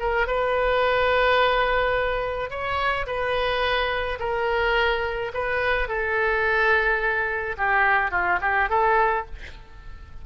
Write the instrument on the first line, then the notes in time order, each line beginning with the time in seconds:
oboe
0.00 A#4
0.27 B4
2.50 C#5
3.07 B4
4.20 A#4
5.34 B4
5.88 A4
7.58 G4
8.11 F4
8.41 G4
8.70 A4